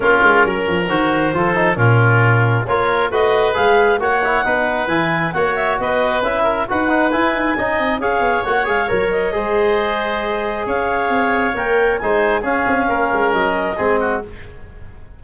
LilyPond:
<<
  \new Staff \with { instrumentName = "clarinet" } { \time 4/4 \tempo 4 = 135 ais'2 c''2 | ais'2 cis''4 dis''4 | f''4 fis''2 gis''4 | fis''8 e''8 dis''4 e''4 fis''4 |
gis''2 f''4 fis''8 f''8 | cis''8 dis''2.~ dis''8 | f''2 g''4 gis''4 | f''2 dis''2 | }
  \new Staff \with { instrumentName = "oboe" } { \time 4/4 f'4 ais'2 a'4 | f'2 ais'4 b'4~ | b'4 cis''4 b'2 | cis''4 b'4. ais'8 b'4~ |
b'4 dis''4 cis''2~ | cis''4 c''2. | cis''2. c''4 | gis'4 ais'2 gis'8 fis'8 | }
  \new Staff \with { instrumentName = "trombone" } { \time 4/4 cis'2 fis'4 f'8 dis'8 | cis'2 f'4 fis'4 | gis'4 fis'8 e'8 dis'4 e'4 | fis'2 e'4 fis'8 dis'8 |
e'4 dis'4 gis'4 fis'8 gis'8 | ais'4 gis'2.~ | gis'2 ais'4 dis'4 | cis'2. c'4 | }
  \new Staff \with { instrumentName = "tuba" } { \time 4/4 ais8 gis8 fis8 f8 dis4 f4 | ais,2 ais4 a4 | gis4 ais4 b4 e4 | ais4 b4 cis'4 dis'4 |
e'8 dis'8 cis'8 c'8 cis'8 b8 ais8 gis8 | fis4 gis2. | cis'4 c'4 ais4 gis4 | cis'8 c'8 ais8 gis8 fis4 gis4 | }
>>